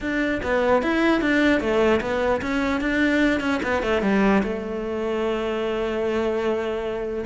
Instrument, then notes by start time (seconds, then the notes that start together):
cello
0.00 D4
0.42 B3
0.82 E4
1.21 D4
1.60 A3
2.01 B3
2.41 C#4
2.80 D4
3.40 C#4
3.62 B3
3.82 A3
4.02 G3
4.43 A3